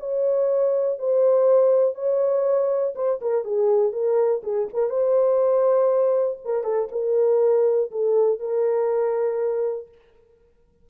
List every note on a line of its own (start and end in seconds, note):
0.00 0.99 C#5
0.99 1.95 C5
1.95 2.94 C#5
2.95 3.20 C5
3.22 3.45 A#4
3.45 3.93 G#4
3.93 4.42 A#4
4.43 4.68 G#4
4.74 4.90 A#4
4.90 6.39 C5
6.45 6.64 A#4
6.64 6.89 A4
6.92 7.91 A#4
7.92 8.40 A4
8.40 9.89 A#4